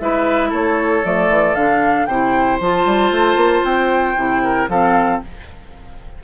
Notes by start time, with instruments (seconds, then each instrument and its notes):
0.00 bassoon G#3, clarinet E4, oboe B4, flute E5
0.50 bassoon A3, oboe A4, flute C#5
1.04 bassoon F3, clarinet A3, flute D5
1.30 bassoon E3
1.55 bassoon D3, clarinet D4, flute F5
2.06 bassoon C3, clarinet E4, oboe C5, flute G5
2.60 bassoon F3, clarinet F4, flute A5
2.86 bassoon G3
3.12 bassoon A3
3.36 bassoon A#3
3.64 bassoon C4, flute G5
4.17 bassoon C3, clarinet E4
4.44 oboe A#4
4.69 bassoon F3, clarinet C4, oboe A4, flute F5